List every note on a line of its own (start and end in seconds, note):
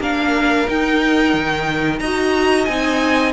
0.00 0.67 A#3
0.00 0.67 D4
0.00 2.00 A#4
0.00 0.69 F5
0.67 2.01 D#4
0.67 1.34 D#4
0.67 1.99 G5
1.34 2.00 D#3
1.99 2.67 D#4
1.99 2.68 F#4
1.99 3.33 D#5
1.99 2.66 A#5
2.66 3.33 C4
2.66 3.33 D#4
2.66 3.32 G#5